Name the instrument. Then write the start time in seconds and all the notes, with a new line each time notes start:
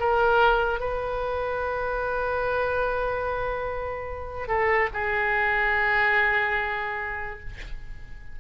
oboe
0.00 A#4
0.80 B4
4.48 A4
4.94 G#4